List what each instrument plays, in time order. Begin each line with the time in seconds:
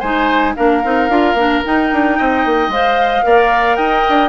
0.00 bassoon G#3, clarinet D#4, oboe C5, flute G#5
0.56 bassoon A#3, clarinet D4, oboe A#4, flute F5
0.84 bassoon C4, clarinet D#4
1.09 bassoon D4, clarinet F4
1.34 bassoon A#3, clarinet D4
1.65 clarinet D#4, bassoon D#4, flute G5
1.93 bassoon D4
2.19 bassoon C4, oboe D#5
2.46 bassoon A#3
2.68 bassoon G#3, clarinet C5, flute F5
3.24 bassoon A#3, clarinet A#4, oboe D5
3.77 bassoon D#4, oboe D#5, flute G5
4.09 bassoon D4